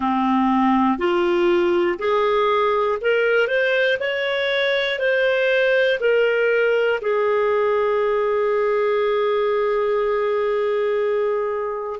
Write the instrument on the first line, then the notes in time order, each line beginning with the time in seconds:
clarinet
0.00 C4
0.98 F4
1.99 G#4
3.00 A#4
3.47 C5
4.00 C#5
4.99 C5
6.00 A#4
7.01 G#4